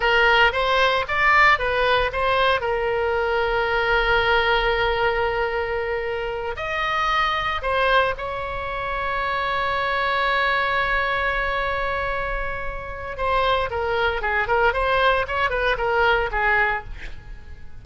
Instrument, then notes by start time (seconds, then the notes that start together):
oboe
0.00 A#4
0.52 C5
1.07 D5
1.58 B4
2.12 C5
2.61 A#4
6.56 D#5
7.61 C5
8.17 C#5
13.17 C5
13.70 A#4
14.21 G#4
14.47 A#4
14.73 C5
15.27 C#5
15.50 B4
15.77 A#4
16.31 G#4